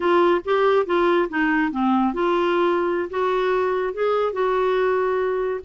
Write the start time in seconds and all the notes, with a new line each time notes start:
0.00 F4
0.44 G4
0.85 F4
1.29 D#4
1.71 C4
2.13 F4
3.10 F#4
3.93 G#4
4.32 F#4